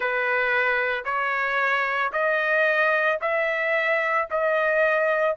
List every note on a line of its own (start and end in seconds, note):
0.00 1.04 B4
1.05 2.12 C#5
2.12 3.19 D#5
3.21 4.28 E5
4.30 5.36 D#5